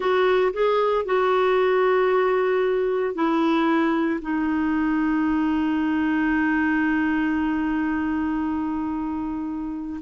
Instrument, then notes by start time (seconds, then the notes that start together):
clarinet
0.00 F#4
0.53 G#4
1.05 F#4
3.14 E4
4.21 D#4